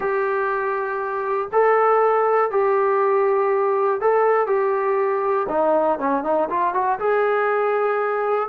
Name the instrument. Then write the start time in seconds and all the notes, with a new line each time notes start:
trombone
0.00 G4
1.52 A4
2.50 G4
4.00 A4
4.46 G4
5.48 D#4
5.99 C#4
6.23 D#4
6.49 F4
6.73 F#4
6.99 G#4